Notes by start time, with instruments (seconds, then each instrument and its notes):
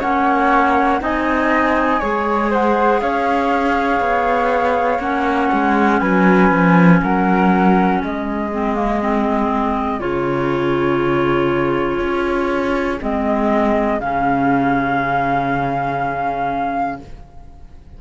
0.00 cello A#3, clarinet C#4, flute C#5 F#5
1.00 cello C4, clarinet D#4, flute D#5 G#5
2.00 cello G#3, clarinet G#4, flute C#5
2.51 flute C5 F#5
3.01 cello C#4, flute C#5 F5
4.01 cello B3
4.99 cello A#3, clarinet C#4, flute F#5
5.53 cello G#3
6.00 cello F#3, flute B4 G#5
6.51 cello F3
7.03 cello F#3, flute A#4 F#5
8.01 cello G#3, flute G#4 D#5
8.53 clarinet C4
8.76 clarinet A#3
9.02 clarinet C4
10.00 cello C#3, clarinet F4, flute C#5
12.00 cello C#4
13.01 cello G#3, clarinet C4, flute D#5
14.00 cello C#3, clarinet C#4, flute F5